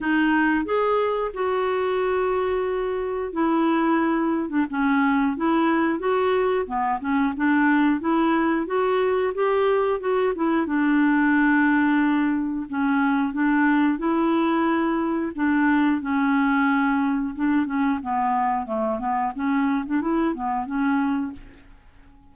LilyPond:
\new Staff \with { instrumentName = "clarinet" } { \time 4/4 \tempo 4 = 90 dis'4 gis'4 fis'2~ | fis'4 e'4.~ e'16 d'16 cis'4 | e'4 fis'4 b8 cis'8 d'4 | e'4 fis'4 g'4 fis'8 e'8 |
d'2. cis'4 | d'4 e'2 d'4 | cis'2 d'8 cis'8 b4 | a8 b8 cis'8. d'16 e'8 b8 cis'4 | }